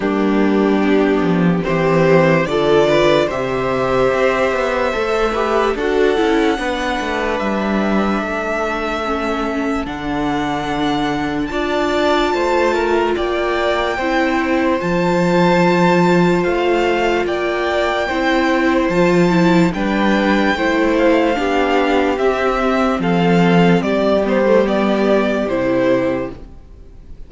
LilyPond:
<<
  \new Staff \with { instrumentName = "violin" } { \time 4/4 \tempo 4 = 73 g'2 c''4 d''4 | e''2. fis''4~ | fis''4 e''2. | fis''2 a''2 |
g''2 a''2 | f''4 g''2 a''4 | g''4. f''4. e''4 | f''4 d''8 c''8 d''4 c''4 | }
  \new Staff \with { instrumentName = "violin" } { \time 4/4 d'2 g'4 a'8 b'8 | c''2~ c''8 b'8 a'4 | b'2 a'2~ | a'2 d''4 c''8 ais'8 |
d''4 c''2.~ | c''4 d''4 c''2 | b'4 c''4 g'2 | a'4 g'2. | }
  \new Staff \with { instrumentName = "viola" } { \time 4/4 ais4 b4 c'4 f'4 | g'2 a'8 g'8 fis'8 e'8 | d'2. cis'4 | d'2 f'2~ |
f'4 e'4 f'2~ | f'2 e'4 f'8 e'8 | d'4 e'4 d'4 c'4~ | c'4. b16 a16 b4 e'4 | }
  \new Staff \with { instrumentName = "cello" } { \time 4/4 g4. f8 e4 d4 | c4 c'8 b8 a4 d'8 cis'8 | b8 a8 g4 a2 | d2 d'4 a4 |
ais4 c'4 f2 | a4 ais4 c'4 f4 | g4 a4 b4 c'4 | f4 g2 c4 | }
>>